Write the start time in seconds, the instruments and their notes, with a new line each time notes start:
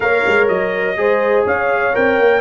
0.00 tuba A#3, trombone A#4, horn C#5, trumpet F5
0.27 tuba G#3
0.48 tuba F#3, trumpet D#5
0.96 tuba G#3, trombone G#4, horn C5
1.45 tuba C#4, horn C#5, trumpet F5
1.93 tuba C4, trombone A#4, trumpet G5
2.18 tuba A#3